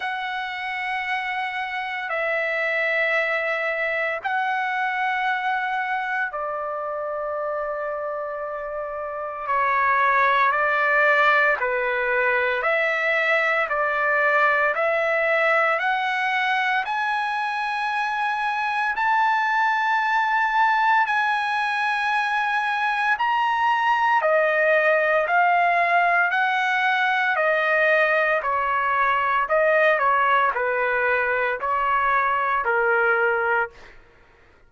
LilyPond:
\new Staff \with { instrumentName = "trumpet" } { \time 4/4 \tempo 4 = 57 fis''2 e''2 | fis''2 d''2~ | d''4 cis''4 d''4 b'4 | e''4 d''4 e''4 fis''4 |
gis''2 a''2 | gis''2 ais''4 dis''4 | f''4 fis''4 dis''4 cis''4 | dis''8 cis''8 b'4 cis''4 ais'4 | }